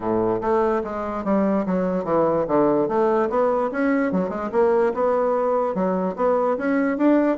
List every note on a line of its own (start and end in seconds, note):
0.00 0.40 A2
0.41 0.82 A3
0.83 1.24 G#3
1.24 1.65 G3
1.66 2.04 F#3
2.04 2.45 E3
2.47 2.88 D3
2.88 3.29 A3
3.29 3.70 B3
3.71 4.12 C#4
4.12 4.29 F#3
4.29 4.49 G#3
4.51 4.93 A#3
4.94 5.74 B3
5.74 6.15 F#3
6.16 6.57 B3
6.57 6.97 C#4
6.97 7.37 D4